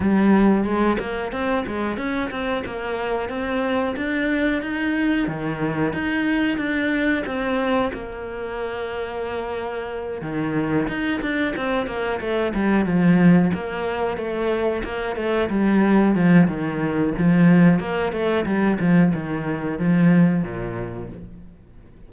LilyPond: \new Staff \with { instrumentName = "cello" } { \time 4/4 \tempo 4 = 91 g4 gis8 ais8 c'8 gis8 cis'8 c'8 | ais4 c'4 d'4 dis'4 | dis4 dis'4 d'4 c'4 | ais2.~ ais8 dis8~ |
dis8 dis'8 d'8 c'8 ais8 a8 g8 f8~ | f8 ais4 a4 ais8 a8 g8~ | g8 f8 dis4 f4 ais8 a8 | g8 f8 dis4 f4 ais,4 | }